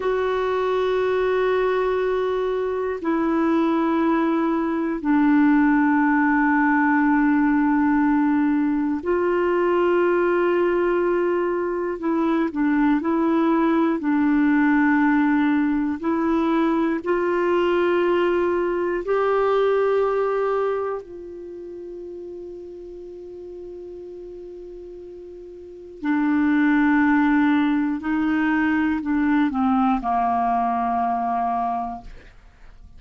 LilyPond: \new Staff \with { instrumentName = "clarinet" } { \time 4/4 \tempo 4 = 60 fis'2. e'4~ | e'4 d'2.~ | d'4 f'2. | e'8 d'8 e'4 d'2 |
e'4 f'2 g'4~ | g'4 f'2.~ | f'2 d'2 | dis'4 d'8 c'8 ais2 | }